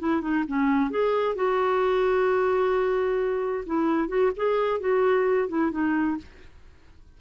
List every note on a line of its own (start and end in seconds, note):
0.00 0.22 E4
0.22 0.45 D#4
0.48 0.91 C#4
0.91 1.36 G#4
1.36 3.65 F#4
3.67 4.09 E4
4.09 4.32 F#4
4.37 4.80 G#4
4.80 5.49 F#4
5.49 5.72 E4
5.72 6.17 D#4